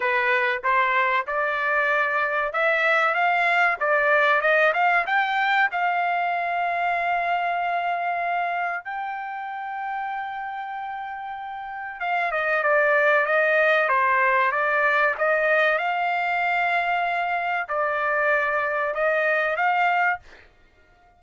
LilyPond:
\new Staff \with { instrumentName = "trumpet" } { \time 4/4 \tempo 4 = 95 b'4 c''4 d''2 | e''4 f''4 d''4 dis''8 f''8 | g''4 f''2.~ | f''2 g''2~ |
g''2. f''8 dis''8 | d''4 dis''4 c''4 d''4 | dis''4 f''2. | d''2 dis''4 f''4 | }